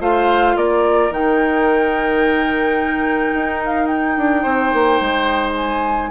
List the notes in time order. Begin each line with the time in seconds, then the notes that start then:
0.00 A3 F4 C5 F5
0.56 A#3 A#4 D5
1.10 D#3 D#4 G5
3.34 D#4
3.65 F5
3.86 G5
4.17 D4
4.43 C4 C5
4.73 A#3
5.01 G#3
5.56 G#5